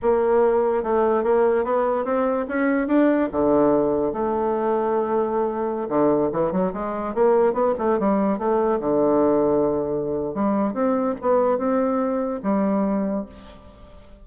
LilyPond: \new Staff \with { instrumentName = "bassoon" } { \time 4/4 \tempo 4 = 145 ais2 a4 ais4 | b4 c'4 cis'4 d'4 | d2 a2~ | a2~ a16 d4 e8 fis16~ |
fis16 gis4 ais4 b8 a8 g8.~ | g16 a4 d2~ d8.~ | d4 g4 c'4 b4 | c'2 g2 | }